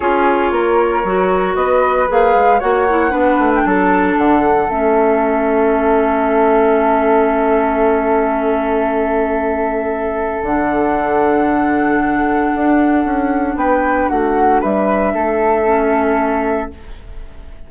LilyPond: <<
  \new Staff \with { instrumentName = "flute" } { \time 4/4 \tempo 4 = 115 cis''2. dis''4 | f''4 fis''4.~ fis''16 g''16 a''4 | fis''4 e''2.~ | e''1~ |
e''1 | fis''1~ | fis''2 g''4 fis''4 | e''1 | }
  \new Staff \with { instrumentName = "flute" } { \time 4/4 gis'4 ais'2 b'4~ | b'4 cis''4 b'4 a'4~ | a'1~ | a'1~ |
a'1~ | a'1~ | a'2 b'4 fis'4 | b'4 a'2. | }
  \new Staff \with { instrumentName = "clarinet" } { \time 4/4 f'2 fis'2 | gis'4 fis'8 e'8 d'2~ | d'4 cis'2.~ | cis'1~ |
cis'1 | d'1~ | d'1~ | d'2 cis'2 | }
  \new Staff \with { instrumentName = "bassoon" } { \time 4/4 cis'4 ais4 fis4 b4 | ais8 gis8 ais4 b8 a8 fis4 | d4 a2.~ | a1~ |
a1 | d1 | d'4 cis'4 b4 a4 | g4 a2. | }
>>